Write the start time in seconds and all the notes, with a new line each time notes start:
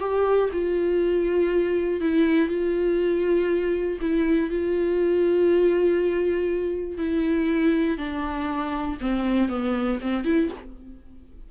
0.00 G4
0.53 F4
2.01 E4
2.49 F4
4.01 E4
4.50 F4
6.98 E4
7.98 D4
9.01 C4
9.49 B3
10.01 C4
10.25 E4